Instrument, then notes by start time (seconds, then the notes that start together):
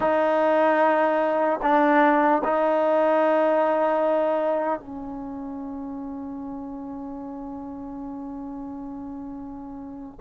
trombone
0.00 D#4
1.62 D4
2.44 D#4
4.79 C#4